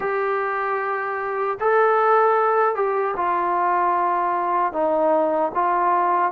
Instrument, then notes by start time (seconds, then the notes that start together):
trombone
0.00 G4
1.60 A4
2.75 G4
3.16 F4
4.72 D#4
5.54 F4